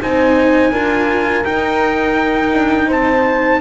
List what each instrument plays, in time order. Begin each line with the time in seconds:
0.00 double bass C4, cello D#4, horn C5, trumpet G#5
0.71 double bass D4, cello F4, horn A#4
1.44 cello D#4, double bass D#4, trumpet G5
2.54 double bass D4
2.87 double bass C4, horn C5, trumpet A5